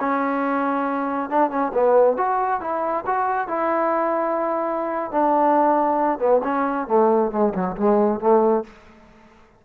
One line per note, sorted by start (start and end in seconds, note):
0.00 1.30 C#4
1.30 1.50 D4
1.50 1.72 C#4
1.74 2.17 B3
2.17 2.61 F#4
2.61 3.05 E4
3.07 3.48 F#4
3.48 5.12 E4
5.12 6.19 D4
6.19 6.41 B3
6.44 6.88 C#4
6.88 7.32 A3
7.32 7.54 G#3
7.54 7.76 F#3
7.77 8.20 G#3
8.20 8.64 A3